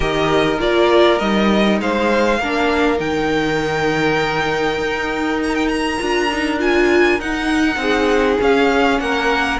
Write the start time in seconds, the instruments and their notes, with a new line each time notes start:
0.00 cello D#3, viola G4, violin A#4 D#5
0.59 cello A#3, viola F4, violin D5
1.18 cello G3, viola D#4, violin D#5
1.80 cello G#3, violin C5 F5
2.39 cello A#3, viola D4, violin A#4
2.97 cello D#3, viola D#4, violin G5
4.78 cello D#4
5.43 violin A#5
5.54 violin G5
5.68 violin A#5
5.98 cello D4, viola F4
6.31 viola D#4
6.58 viola F4, violin G#5
7.19 cello D#4, viola D#4, violin F#5
7.76 cello C4, violin G#4
8.39 viola C#4, cello C#4, violin F5
8.99 cello A#3, violin A#4 F#5